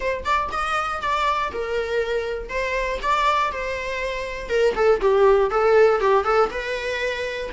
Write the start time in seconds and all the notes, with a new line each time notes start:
0.00 C5
0.24 D5
0.51 D#5
1.01 D5
1.52 A#4
2.49 C5
3.02 D5
3.52 C5
4.49 A#4
4.75 A4
5.00 G4
5.50 A4
6.00 G4
6.24 A4
6.50 B4